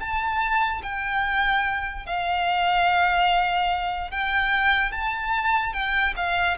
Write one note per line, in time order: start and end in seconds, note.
0.00 0.82 A5
0.83 2.06 G5
2.06 4.11 F5
4.11 4.92 G5
4.92 5.73 A5
5.73 6.14 G5
6.17 6.58 F5